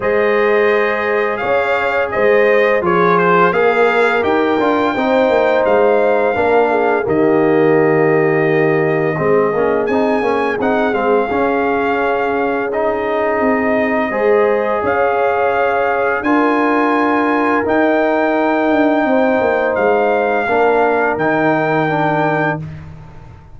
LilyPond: <<
  \new Staff \with { instrumentName = "trumpet" } { \time 4/4 \tempo 4 = 85 dis''2 f''4 dis''4 | cis''8 c''8 f''4 g''2 | f''2 dis''2~ | dis''2 gis''4 fis''8 f''8~ |
f''2 dis''2~ | dis''4 f''2 gis''4~ | gis''4 g''2. | f''2 g''2 | }
  \new Staff \with { instrumentName = "horn" } { \time 4/4 c''2 cis''4 c''4 | gis'4 ais'2 c''4~ | c''4 ais'8 gis'8 g'2~ | g'4 gis'2.~ |
gis'1 | c''4 cis''2 ais'4~ | ais'2. c''4~ | c''4 ais'2. | }
  \new Staff \with { instrumentName = "trombone" } { \time 4/4 gis'1 | f'4 gis'4 g'8 f'8 dis'4~ | dis'4 d'4 ais2~ | ais4 c'8 cis'8 dis'8 cis'8 dis'8 c'8 |
cis'2 dis'2 | gis'2. f'4~ | f'4 dis'2.~ | dis'4 d'4 dis'4 d'4 | }
  \new Staff \with { instrumentName = "tuba" } { \time 4/4 gis2 cis'4 gis4 | f4 ais4 dis'8 d'8 c'8 ais8 | gis4 ais4 dis2~ | dis4 gis8 ais8 c'8 ais8 c'8 gis8 |
cis'2. c'4 | gis4 cis'2 d'4~ | d'4 dis'4. d'8 c'8 ais8 | gis4 ais4 dis2 | }
>>